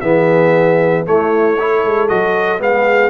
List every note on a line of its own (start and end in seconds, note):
0.00 1.06 E3
0.00 1.06 B3
0.00 1.05 G#4
0.00 1.03 E5
1.06 1.57 A3
1.06 1.84 A3
1.06 1.59 E4
1.06 2.08 C#5
1.59 2.08 E4
1.59 2.62 A4
1.84 2.10 G#3
2.08 2.60 F#3
2.08 2.58 F#4
2.08 2.60 D#5
2.58 3.10 G#3
2.58 3.10 B3
2.58 3.10 G#4
2.58 3.10 F5